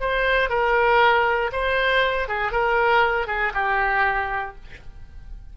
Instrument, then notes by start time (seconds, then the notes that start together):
oboe
0.00 C5
0.49 A#4
1.52 C5
2.28 G#4
2.52 A#4
3.27 G#4
3.54 G4